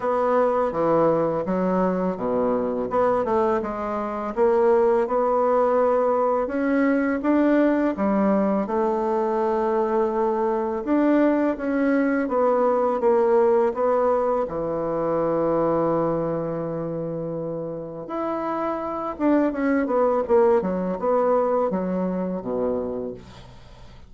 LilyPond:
\new Staff \with { instrumentName = "bassoon" } { \time 4/4 \tempo 4 = 83 b4 e4 fis4 b,4 | b8 a8 gis4 ais4 b4~ | b4 cis'4 d'4 g4 | a2. d'4 |
cis'4 b4 ais4 b4 | e1~ | e4 e'4. d'8 cis'8 b8 | ais8 fis8 b4 fis4 b,4 | }